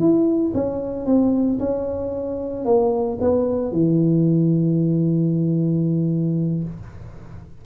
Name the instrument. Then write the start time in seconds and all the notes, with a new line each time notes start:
tuba
0.00 E4
0.54 C#4
1.06 C4
1.60 C#4
2.65 A#3
3.21 B3
3.72 E3